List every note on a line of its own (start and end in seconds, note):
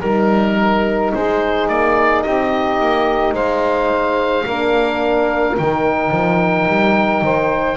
0.00 1.12 G3
0.00 4.45 D#4
0.00 1.11 A#4
0.00 1.13 A#4
1.13 1.69 G#3
1.13 2.24 G#4
1.13 1.68 C5
1.68 2.25 A#3
1.68 2.22 D5
2.22 2.80 C4
2.22 3.34 G4
2.22 3.34 D#5
2.80 3.33 A#3
3.33 4.44 G#3
3.33 4.45 C5
3.33 5.57 F5
4.45 5.57 A#3
4.45 5.57 D4
4.45 7.23 A#4
5.57 6.11 D#3
5.57 7.77 D#4
5.57 7.77 G5
6.11 6.66 F3
6.68 7.21 G3
7.21 7.77 D#3
7.21 7.77 C5